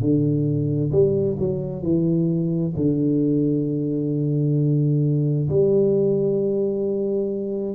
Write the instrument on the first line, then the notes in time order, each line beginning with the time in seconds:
tuba
0.00 D3
0.91 G3
1.38 F#3
1.82 E3
2.76 D3
5.49 G3